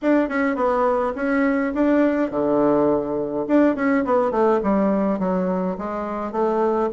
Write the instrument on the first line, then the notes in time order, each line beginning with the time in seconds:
bassoon
0.02 D4
0.28 C#4
0.55 B3
1.15 C#4
1.74 D4
2.30 D3
3.47 D4
3.75 C#4
4.04 B3
4.31 A3
4.63 G3
5.19 F#3
5.77 G#3
6.31 A3